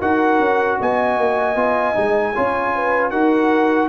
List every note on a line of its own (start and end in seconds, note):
0.00 0.39 D#4
0.00 1.55 F#4
0.00 0.78 A#4
0.00 0.79 F#5
0.39 0.78 C#4
0.79 1.17 B3
0.79 2.34 D#5
0.79 3.10 G#5
1.17 1.55 A#3
1.55 1.94 B3
1.55 1.94 F4
1.94 2.36 G#3
1.94 2.32 D#4
2.34 3.11 C#4
2.34 3.12 F4
2.34 2.73 C#5
2.74 3.10 B4
3.10 3.89 D#4
3.10 3.89 F#4
3.10 3.88 A#4
3.10 3.88 F#5